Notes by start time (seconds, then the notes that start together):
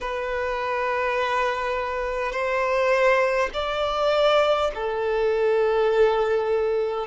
0.00 B4
2.32 C5
3.53 D5
4.74 A4